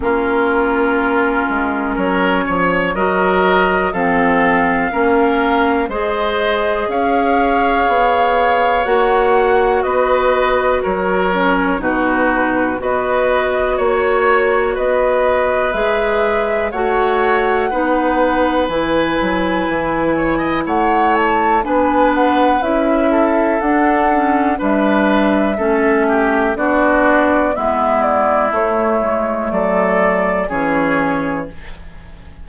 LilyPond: <<
  \new Staff \with { instrumentName = "flute" } { \time 4/4 \tempo 4 = 61 ais'2 cis''4 dis''4 | f''2 dis''4 f''4~ | f''4 fis''4 dis''4 cis''4 | b'4 dis''4 cis''4 dis''4 |
e''4 fis''2 gis''4~ | gis''4 fis''8 a''8 gis''8 fis''8 e''4 | fis''4 e''2 d''4 | e''8 d''8 cis''4 d''4 cis''4 | }
  \new Staff \with { instrumentName = "oboe" } { \time 4/4 f'2 ais'8 cis''8 ais'4 | a'4 ais'4 c''4 cis''4~ | cis''2 b'4 ais'4 | fis'4 b'4 cis''4 b'4~ |
b'4 cis''4 b'2~ | b'8 cis''16 dis''16 cis''4 b'4. a'8~ | a'4 b'4 a'8 g'8 fis'4 | e'2 a'4 gis'4 | }
  \new Staff \with { instrumentName = "clarinet" } { \time 4/4 cis'2. fis'4 | c'4 cis'4 gis'2~ | gis'4 fis'2~ fis'8 cis'8 | dis'4 fis'2. |
gis'4 fis'4 dis'4 e'4~ | e'2 d'4 e'4 | d'8 cis'8 d'4 cis'4 d'4 | b4 a2 cis'4 | }
  \new Staff \with { instrumentName = "bassoon" } { \time 4/4 ais4. gis8 fis8 f8 fis4 | f4 ais4 gis4 cis'4 | b4 ais4 b4 fis4 | b,4 b4 ais4 b4 |
gis4 a4 b4 e8 fis8 | e4 a4 b4 cis'4 | d'4 g4 a4 b4 | gis4 a8 gis8 fis4 e4 | }
>>